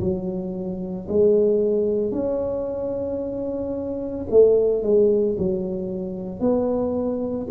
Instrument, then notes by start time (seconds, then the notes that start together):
tuba
0.00 F#3
1.09 G#3
2.12 C#4
4.30 A3
4.83 G#3
5.39 F#3
6.40 B3